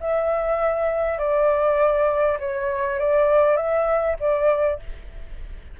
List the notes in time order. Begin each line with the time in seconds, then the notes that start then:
0.00 E5
1.18 D5
2.39 C#5
2.99 D5
3.56 E5
4.19 D5